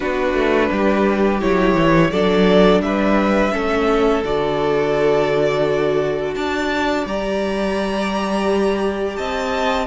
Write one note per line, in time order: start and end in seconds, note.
0.00 0.33 B3
0.00 1.40 D4
0.00 0.69 F#4
0.00 1.40 B4
0.33 0.69 A3
0.71 1.42 G3
0.71 2.11 G4
1.40 1.74 F#3
1.40 2.11 E4
1.40 2.10 C#5
1.74 2.10 E3
2.10 2.80 F#3
2.10 3.52 D4
2.10 2.82 A4
2.10 2.81 D5
2.80 3.51 G3
2.80 3.53 B4
2.80 4.22 E5
3.52 4.23 A3
3.52 4.22 C#4
3.52 6.35 A4
4.23 6.35 D3
4.23 7.06 F#4
4.23 6.34 D5
6.34 7.06 D4
6.34 9.17 D5
6.34 7.05 A5
7.06 9.17 G3
7.06 9.86 G4
7.06 9.15 A#5
9.15 9.86 C4
9.15 9.86 D#5
9.15 9.86 A5